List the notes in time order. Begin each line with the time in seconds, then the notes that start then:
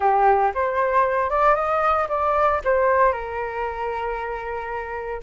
0.00 G4
0.54 C5
1.29 D5
1.55 D#5
2.09 D5
2.64 C5
3.12 A#4